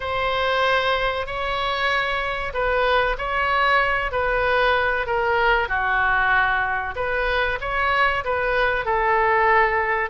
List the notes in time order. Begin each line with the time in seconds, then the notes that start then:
0.00 C5
1.26 C#5
2.53 B4
3.18 C#5
4.11 B4
5.06 A#4
5.68 F#4
6.95 B4
7.60 C#5
8.24 B4
8.84 A4